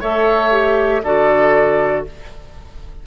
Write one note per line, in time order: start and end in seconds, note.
0.00 1.02 A3
0.00 0.50 A4
0.00 1.02 C#5
0.00 1.03 E5
0.50 1.01 G4
1.02 2.04 D3
1.02 2.06 F#4
1.02 2.05 A4
1.02 2.04 D5